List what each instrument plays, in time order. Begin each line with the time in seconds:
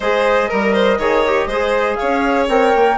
0.00 bassoon G#3, trombone G#4, violin C5, flute D#5
0.48 bassoon G3, violin A#4, trombone A#4
0.72 violin C5
0.98 bassoon D#3, trombone G#4, violin C#5
1.26 trombone G4
1.46 bassoon G#3, trombone G#4, violin C5
1.95 violin C#5, flute F5
2.02 bassoon C#4
2.48 bassoon C4, trombone A#4, flute G5
2.75 bassoon A#3